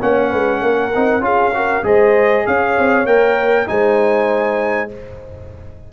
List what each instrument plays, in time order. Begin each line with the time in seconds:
0.00 tuba A#3, trombone C#4, horn C#5, trumpet F#5
0.29 tuba G#3, horn B4
0.61 tuba A#3, horn A#4
0.95 tuba C4, trombone D#4
1.20 tuba C#4, trombone F4, horn G#4, trumpet F5
1.53 trombone F#4, horn A#4
1.83 tuba G#3, trombone G#4, horn C5, trumpet D#5
2.46 tuba C#4, horn C#5, trumpet F5
2.78 tuba C4
3.05 tuba A#3, trombone A#4, trumpet G5
3.66 tuba G#3, trombone D#4, horn C5, trumpet G#5